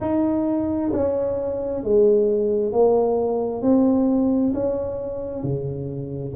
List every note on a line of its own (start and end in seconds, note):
0.00 0.91 D#4
0.93 1.83 C#4
1.83 2.72 G#3
2.72 3.62 A#3
3.62 4.52 C4
4.54 5.43 C#4
5.43 6.33 C#3